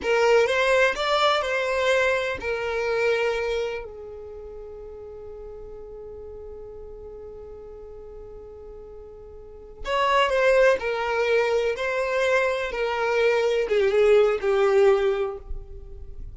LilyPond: \new Staff \with { instrumentName = "violin" } { \time 4/4 \tempo 4 = 125 ais'4 c''4 d''4 c''4~ | c''4 ais'2. | gis'1~ | gis'1~ |
gis'1~ | gis'8 cis''4 c''4 ais'4.~ | ais'8 c''2 ais'4.~ | ais'8 gis'16 g'16 gis'4 g'2 | }